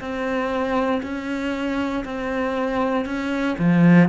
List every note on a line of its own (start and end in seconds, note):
0.00 1.02 C4
1.03 2.04 C#4
2.05 3.06 C4
3.06 3.56 C#4
3.59 4.09 F3